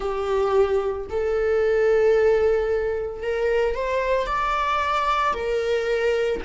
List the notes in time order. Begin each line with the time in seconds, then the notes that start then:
0.00 G4
1.10 A4
3.22 A#4
3.75 C5
4.26 D5
5.33 A#4